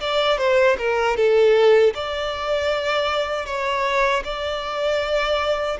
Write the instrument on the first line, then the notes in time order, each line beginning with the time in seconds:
violin
0.00 D5
0.38 C5
0.78 A#4
1.16 A4
1.94 D5
3.46 C#5
4.24 D5